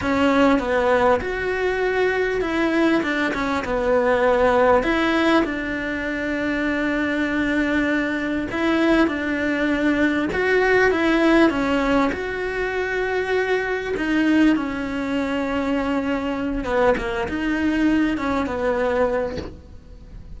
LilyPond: \new Staff \with { instrumentName = "cello" } { \time 4/4 \tempo 4 = 99 cis'4 b4 fis'2 | e'4 d'8 cis'8 b2 | e'4 d'2.~ | d'2 e'4 d'4~ |
d'4 fis'4 e'4 cis'4 | fis'2. dis'4 | cis'2.~ cis'8 b8 | ais8 dis'4. cis'8 b4. | }